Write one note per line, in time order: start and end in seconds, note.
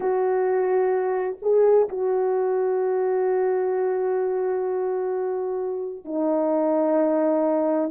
0.00 1.36 F#4
1.42 1.88 G#4
1.88 6.04 F#4
6.04 7.90 D#4